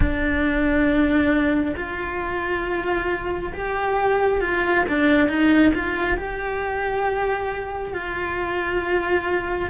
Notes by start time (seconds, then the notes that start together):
0.00 D4
1.76 F4
3.53 G4
4.40 F4
4.88 D4
5.28 D#4
5.74 F4
6.17 G4
7.93 F4